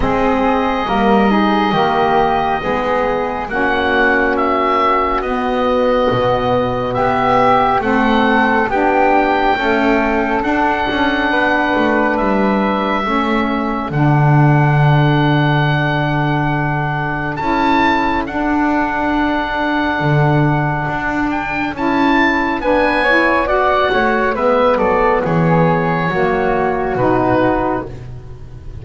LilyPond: <<
  \new Staff \with { instrumentName = "oboe" } { \time 4/4 \tempo 4 = 69 dis''1 | fis''4 e''4 dis''2 | e''4 fis''4 g''2 | fis''2 e''2 |
fis''1 | a''4 fis''2.~ | fis''8 g''8 a''4 gis''4 fis''4 | e''8 d''8 cis''2 b'4 | }
  \new Staff \with { instrumentName = "flute" } { \time 4/4 gis'4 ais'8 gis'8 g'4 gis'4 | fis'1 | g'4 a'4 g'4 a'4~ | a'4 b'2 a'4~ |
a'1~ | a'1~ | a'2 b'8 cis''8 d''8 cis''8 | b'8 a'8 gis'4 fis'2 | }
  \new Staff \with { instrumentName = "saxophone" } { \time 4/4 c'4 ais8 dis'8 ais4 b4 | cis'2 b2~ | b4 c'4 d'4 a4 | d'2. cis'4 |
d'1 | e'4 d'2.~ | d'4 e'4 d'8 e'8 fis'4 | b2 ais4 dis'4 | }
  \new Staff \with { instrumentName = "double bass" } { \time 4/4 gis4 g4 dis4 gis4 | ais2 b4 b,4 | b4 a4 b4 cis'4 | d'8 cis'8 b8 a8 g4 a4 |
d1 | cis'4 d'2 d4 | d'4 cis'4 b4. a8 | gis8 fis8 e4 fis4 b,4 | }
>>